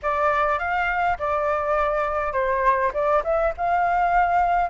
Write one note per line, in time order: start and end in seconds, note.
0.02 0.58 D5
0.58 1.17 F5
1.18 2.32 D5
2.32 2.91 C5
2.93 3.22 D5
3.24 3.53 E5
3.57 4.69 F5